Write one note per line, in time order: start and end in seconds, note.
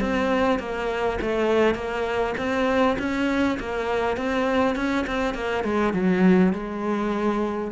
0.00 0.59 C4
0.59 1.19 A#3
1.21 1.75 A3
1.75 2.34 A#3
2.38 2.97 C4
2.99 3.58 C#4
3.59 4.16 A#3
4.16 4.76 C4
4.76 5.05 C#4
5.07 5.34 C4
5.34 5.64 A#3
5.64 5.93 G#3
5.93 6.52 F#3
6.53 7.71 G#3